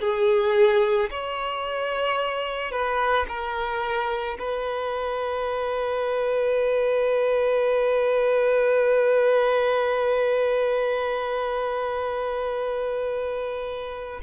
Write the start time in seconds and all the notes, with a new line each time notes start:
0.00 G#4
1.10 C#5
2.71 B4
3.28 A#4
4.38 B4